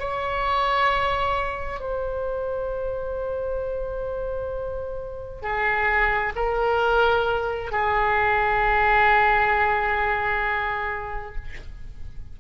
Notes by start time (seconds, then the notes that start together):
0.00 C#5
1.81 C5
5.43 G#4
6.36 A#4
7.72 G#4